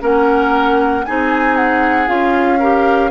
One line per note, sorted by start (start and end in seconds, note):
0.00 1.05 A#3
0.00 1.03 C#4
0.00 1.05 A#4
0.00 1.05 F#5
1.05 2.08 C4
1.05 2.06 D#4
1.05 2.59 G#4
1.05 1.56 G#5
1.56 2.08 F#5
2.06 3.10 C#4
2.06 2.58 F4
2.06 3.10 F5
2.59 3.10 G4
2.59 3.10 A#4